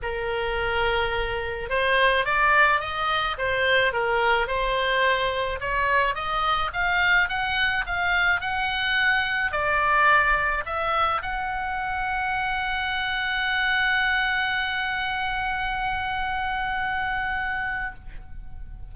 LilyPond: \new Staff \with { instrumentName = "oboe" } { \time 4/4 \tempo 4 = 107 ais'2. c''4 | d''4 dis''4 c''4 ais'4 | c''2 cis''4 dis''4 | f''4 fis''4 f''4 fis''4~ |
fis''4 d''2 e''4 | fis''1~ | fis''1~ | fis''1 | }